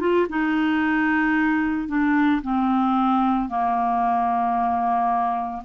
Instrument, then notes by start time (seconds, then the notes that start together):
clarinet
0.00 F4
0.29 D#4
1.88 D4
2.43 C4
3.49 A#3